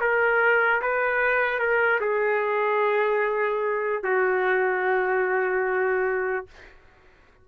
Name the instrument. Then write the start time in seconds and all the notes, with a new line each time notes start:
trumpet
0.00 A#4
0.81 B4
1.59 A#4
2.00 G#4
4.03 F#4